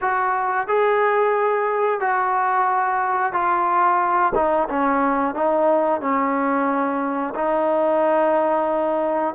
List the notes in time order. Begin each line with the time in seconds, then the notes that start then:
0.01 F#4
0.67 G#4
2.00 F#4
3.32 F4
4.35 D#4
4.68 C#4
5.34 D#4
6.00 C#4
7.34 D#4